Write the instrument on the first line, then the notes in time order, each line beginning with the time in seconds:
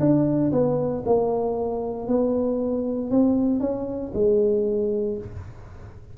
tuba
0.00 D4
0.52 B3
1.06 A#3
2.08 B3
3.11 C4
3.60 C#4
4.14 G#3